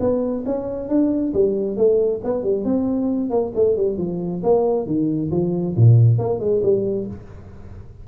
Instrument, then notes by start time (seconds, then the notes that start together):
tuba
0.00 B3
0.46 C#4
0.89 D4
1.33 G3
1.77 A3
2.24 B3
2.43 G3
2.65 C4
3.30 A#3
3.55 A3
3.76 G3
3.98 F3
4.43 A#3
4.86 D#3
5.31 F3
5.76 A#2
6.18 A#3
6.40 G#3
6.63 G3